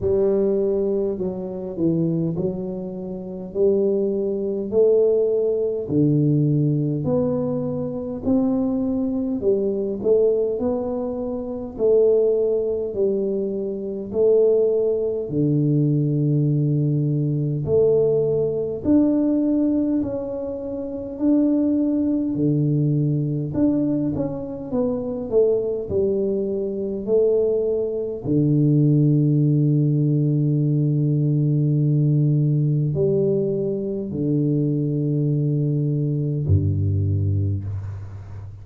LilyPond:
\new Staff \with { instrumentName = "tuba" } { \time 4/4 \tempo 4 = 51 g4 fis8 e8 fis4 g4 | a4 d4 b4 c'4 | g8 a8 b4 a4 g4 | a4 d2 a4 |
d'4 cis'4 d'4 d4 | d'8 cis'8 b8 a8 g4 a4 | d1 | g4 d2 g,4 | }